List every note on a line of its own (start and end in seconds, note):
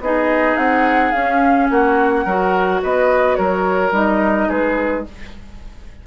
0.00 0.56 B3
0.00 1.14 D#4
0.00 1.71 G#4
0.00 0.57 D#5
0.56 1.12 C4
0.56 1.11 F#5
1.11 1.70 C#4
1.11 2.26 C#4
1.11 1.67 F5
1.70 2.25 A#3
1.70 2.24 F#4
1.70 2.82 F#5
2.24 2.81 F#3
2.24 3.92 F#4
2.24 2.80 A#4
2.82 3.38 B3
2.82 3.37 B4
2.82 3.35 D#5
3.35 3.91 F#3
3.35 4.48 A#4
3.35 3.91 C#5
3.91 4.47 G3
3.91 5.04 D#4
3.91 4.49 D#5
4.48 5.06 G#3
4.48 5.04 G#4
4.48 5.05 B4